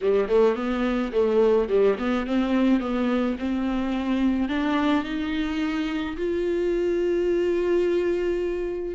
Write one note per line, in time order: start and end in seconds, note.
0.01 0.28 G3
0.28 0.55 A3
0.55 1.11 B3
1.12 1.68 A3
1.68 1.97 G3
1.98 2.26 B3
2.26 2.80 C4
2.80 3.36 B3
3.38 4.48 C4
4.48 5.04 D4
5.04 6.16 D#4
6.17 8.95 F4